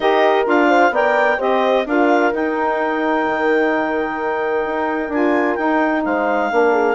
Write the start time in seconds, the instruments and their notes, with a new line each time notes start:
0.00 bassoon D#4, saxophone G4, horn A#4, clarinet D#5
0.44 bassoon D4, saxophone F4, clarinet F5
0.68 horn C5
0.90 bassoon B3, saxophone A#4, horn D5, clarinet G5
1.37 bassoon C4, saxophone G4, horn C5, clarinet D#5
1.86 bassoon D4, saxophone F4, horn A#4, clarinet F5
2.31 saxophone D#4, bassoon D#4, clarinet G5
3.27 bassoon D#3
4.65 bassoon D#4
5.09 bassoon D4, saxophone F4, clarinet G#5
5.55 bassoon D#4, saxophone D#4, clarinet G5
6.04 bassoon G#3, horn C5, clarinet F5
6.51 bassoon A#3, saxophone D4, horn A#4
6.72 horn G#4